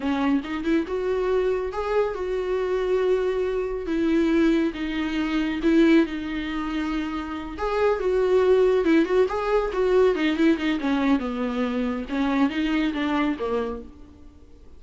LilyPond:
\new Staff \with { instrumentName = "viola" } { \time 4/4 \tempo 4 = 139 cis'4 dis'8 e'8 fis'2 | gis'4 fis'2.~ | fis'4 e'2 dis'4~ | dis'4 e'4 dis'2~ |
dis'4. gis'4 fis'4.~ | fis'8 e'8 fis'8 gis'4 fis'4 dis'8 | e'8 dis'8 cis'4 b2 | cis'4 dis'4 d'4 ais4 | }